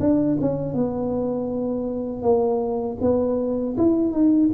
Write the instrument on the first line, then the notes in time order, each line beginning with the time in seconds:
tuba
0.00 D4
0.41 C#4
0.74 B3
2.22 A#3
3.01 B3
3.77 E4
4.12 D#4